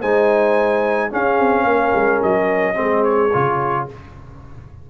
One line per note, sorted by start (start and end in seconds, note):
0.00 1.12 G#3
0.00 1.10 D#4
0.00 1.10 C5
0.00 1.11 G#5
1.10 2.74 C#4
1.10 1.39 C#4
1.10 1.64 G#4
1.10 2.22 F5
1.39 1.64 C4
1.64 1.91 A#3
1.64 2.74 A#4
1.95 2.22 G#3
2.22 2.78 F#3
2.22 3.04 D#5
2.74 3.34 G#3
2.74 3.29 C4
2.74 3.86 G#4
3.04 3.86 C#5
3.33 3.90 C#3
3.33 3.88 F4